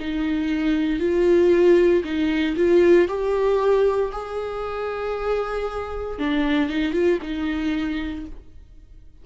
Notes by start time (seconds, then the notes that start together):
0.00 D#4
1.00 F4
2.04 D#4
2.56 F4
3.08 G4
4.12 G#4
6.19 D4
6.70 D#4
6.93 F4
7.22 D#4